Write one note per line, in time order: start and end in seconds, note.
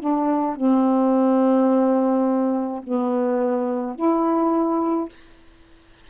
0.00 0.56 D4
0.56 2.83 C4
2.84 3.96 B3
3.96 5.09 E4